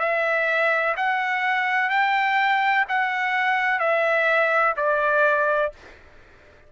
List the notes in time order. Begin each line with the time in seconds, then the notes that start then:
0.00 E5
0.97 F#5
1.90 G5
2.89 F#5
3.80 E5
4.77 D5